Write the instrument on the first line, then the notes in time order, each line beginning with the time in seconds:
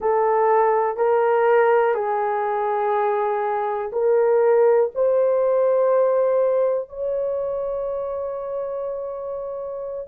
horn
0.00 A4
0.97 A#4
1.94 G#4
3.92 A#4
4.94 C5
6.89 C#5